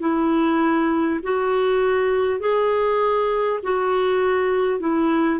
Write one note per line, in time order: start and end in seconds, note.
0.00 1.20 E4
1.23 2.40 F#4
2.40 3.60 G#4
3.63 4.80 F#4
4.80 5.40 E4